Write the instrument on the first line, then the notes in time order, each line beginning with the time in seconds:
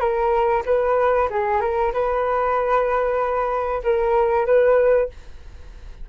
flute
0.00 A#4
0.66 B4
1.30 G#4
1.61 A#4
1.93 B4
3.84 A#4
4.46 B4